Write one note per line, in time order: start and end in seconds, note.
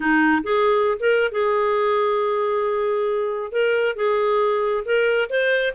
0.00 0.42 D#4
0.43 0.98 G#4
0.99 1.31 A#4
1.31 3.52 G#4
3.52 3.95 A#4
3.95 4.84 G#4
4.85 5.29 A#4
5.29 5.73 C5